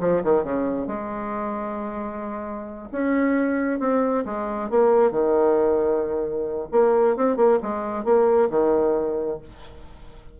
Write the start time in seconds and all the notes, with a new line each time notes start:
0.00 F3
0.23 D#3
0.43 C#3
0.87 G#3
2.92 C#4
3.79 C4
4.25 G#3
4.70 A#3
5.11 D#3
6.71 A#3
7.16 C4
7.36 A#3
7.62 G#3
8.04 A#3
8.50 D#3